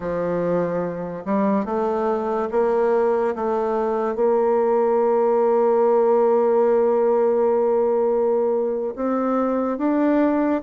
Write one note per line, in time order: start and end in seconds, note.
0.00 1.24 F3
1.25 1.65 G3
1.65 2.48 A3
2.51 3.34 A#3
3.35 4.15 A3
4.15 8.94 A#3
8.95 9.78 C4
9.78 10.61 D4